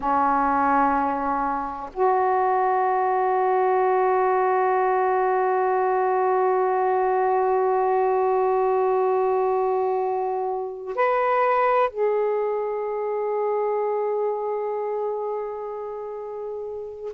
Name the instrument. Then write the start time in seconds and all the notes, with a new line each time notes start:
saxophone
0.00 C#4
1.93 F#4
10.95 B4
11.89 G#4